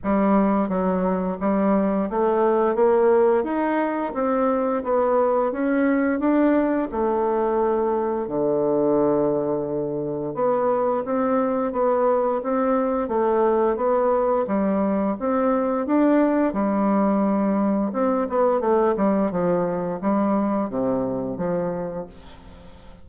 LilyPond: \new Staff \with { instrumentName = "bassoon" } { \time 4/4 \tempo 4 = 87 g4 fis4 g4 a4 | ais4 dis'4 c'4 b4 | cis'4 d'4 a2 | d2. b4 |
c'4 b4 c'4 a4 | b4 g4 c'4 d'4 | g2 c'8 b8 a8 g8 | f4 g4 c4 f4 | }